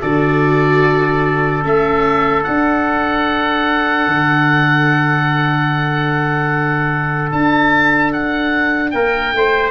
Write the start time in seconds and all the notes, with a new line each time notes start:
0.00 D3 F#4 A4 D5
1.62 A3 C#4 E5
2.42 D4 F#5
4.07 D3
7.32 D4 A5
8.12 F#5
8.90 A#3 A#4 G5
9.32 A3 C5